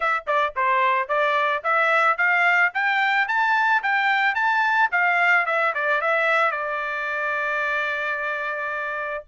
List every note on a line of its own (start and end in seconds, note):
0.00 0.24 E5
0.26 0.54 D5
0.56 1.08 C5
1.08 1.62 D5
1.63 2.17 E5
2.17 2.72 F5
2.73 3.28 G5
3.28 3.82 A5
3.82 4.35 G5
4.35 4.89 A5
4.91 5.45 F5
5.45 5.73 E5
5.74 6.01 D5
6.01 6.51 E5
6.51 9.24 D5